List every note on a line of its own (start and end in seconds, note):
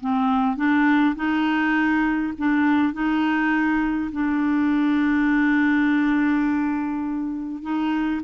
0.00 0.56 C4
0.56 1.15 D4
1.15 2.33 D#4
2.37 2.93 D4
2.93 4.11 D#4
4.12 7.62 D4
7.62 8.21 D#4